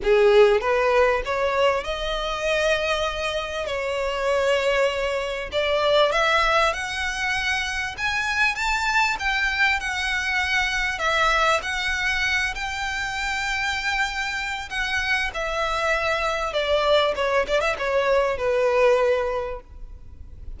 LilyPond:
\new Staff \with { instrumentName = "violin" } { \time 4/4 \tempo 4 = 98 gis'4 b'4 cis''4 dis''4~ | dis''2 cis''2~ | cis''4 d''4 e''4 fis''4~ | fis''4 gis''4 a''4 g''4 |
fis''2 e''4 fis''4~ | fis''8 g''2.~ g''8 | fis''4 e''2 d''4 | cis''8 d''16 e''16 cis''4 b'2 | }